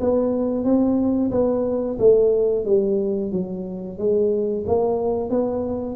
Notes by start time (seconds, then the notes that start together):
0.00 B3
0.64 C4
1.31 B3
1.99 A3
2.65 G3
3.32 F#3
3.98 G#3
4.66 A#3
5.30 B3